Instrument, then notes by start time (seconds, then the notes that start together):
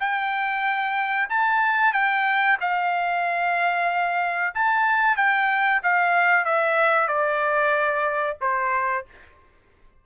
trumpet
0.00 G5
1.30 A5
1.93 G5
2.61 F5
4.55 A5
5.17 G5
5.83 F5
6.45 E5
7.08 D5
8.41 C5